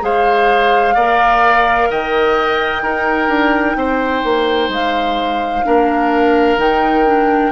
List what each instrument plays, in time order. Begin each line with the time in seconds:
0.00 bassoon G#3, clarinet G#4, oboe C5, flute F5
0.94 bassoon A#3, clarinet A#4, oboe D5
1.90 bassoon D#3, oboe D#5, flute G5
2.82 bassoon D#4, clarinet D#4, oboe A#4
3.28 bassoon D4
3.76 bassoon C4, oboe C5
4.23 bassoon A#3
4.68 bassoon G#3, flute F5
5.64 bassoon A#3, clarinet D4, oboe A#4
6.57 bassoon D#3, clarinet D#4, flute G5
7.05 clarinet D4